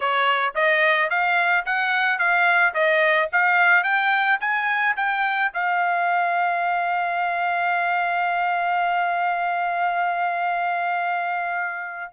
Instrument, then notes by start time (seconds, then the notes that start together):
trumpet
0.00 C#5
0.55 D#5
1.09 F5
1.65 F#5
2.18 F5
2.74 D#5
3.32 F5
3.83 G5
4.40 G#5
4.96 G5
5.53 F5